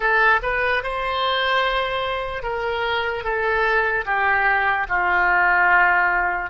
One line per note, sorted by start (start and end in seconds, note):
0.00 0.40 A4
0.42 0.83 B4
0.83 2.43 C5
2.43 3.24 A#4
3.24 4.05 A4
4.05 4.86 G4
4.89 6.50 F4